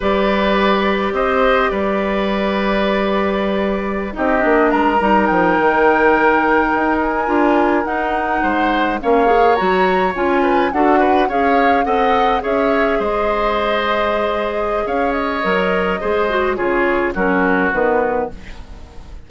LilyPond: <<
  \new Staff \with { instrumentName = "flute" } { \time 4/4 \tempo 4 = 105 d''2 dis''4 d''4~ | d''2.~ d''16 dis''8.~ | dis''16 ais''4 g''2~ g''8.~ | g''16 gis''4. fis''2 f''16~ |
f''8. ais''4 gis''4 fis''4 f''16~ | f''8. fis''4 e''4 dis''4~ dis''16~ | dis''2 f''8 dis''4.~ | dis''4 cis''4 ais'4 b'4 | }
  \new Staff \with { instrumentName = "oboe" } { \time 4/4 b'2 c''4 b'4~ | b'2.~ b'16 g'8.~ | g'16 ais'2.~ ais'8.~ | ais'2~ ais'8. c''4 cis''16~ |
cis''2~ cis''16 b'8 a'8 b'8 cis''16~ | cis''8. dis''4 cis''4 c''4~ c''16~ | c''2 cis''2 | c''4 gis'4 fis'2 | }
  \new Staff \with { instrumentName = "clarinet" } { \time 4/4 g'1~ | g'2.~ g'16 dis'8 d'16~ | d'8. dis'2.~ dis'16~ | dis'8. f'4 dis'2 cis'16~ |
cis'16 gis'8 fis'4 f'4 fis'4 gis'16~ | gis'8. a'4 gis'2~ gis'16~ | gis'2. ais'4 | gis'8 fis'8 f'4 cis'4 b4 | }
  \new Staff \with { instrumentName = "bassoon" } { \time 4/4 g2 c'4 g4~ | g2.~ g16 c'8 ais16~ | ais16 gis8 g8 f8 dis2 dis'16~ | dis'8. d'4 dis'4 gis4 ais16~ |
ais8. fis4 cis'4 d'4 cis'16~ | cis'8. c'4 cis'4 gis4~ gis16~ | gis2 cis'4 fis4 | gis4 cis4 fis4 dis4 | }
>>